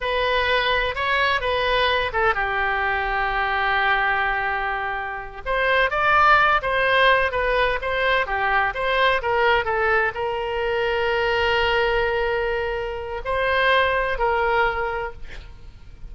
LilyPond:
\new Staff \with { instrumentName = "oboe" } { \time 4/4 \tempo 4 = 127 b'2 cis''4 b'4~ | b'8 a'8 g'2.~ | g'2.~ g'8 c''8~ | c''8 d''4. c''4. b'8~ |
b'8 c''4 g'4 c''4 ais'8~ | ais'8 a'4 ais'2~ ais'8~ | ais'1 | c''2 ais'2 | }